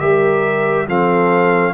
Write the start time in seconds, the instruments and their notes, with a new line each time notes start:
0.00 tuba G3, trombone G4, horn A#4, trumpet E5
0.88 tuba F3, trombone C4, horn A4, trumpet F5